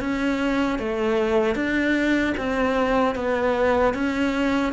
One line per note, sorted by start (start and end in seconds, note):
0.00 0.79 C#4
0.79 1.55 A3
1.55 2.34 D4
2.38 3.15 C4
3.15 3.94 B3
3.94 4.73 C#4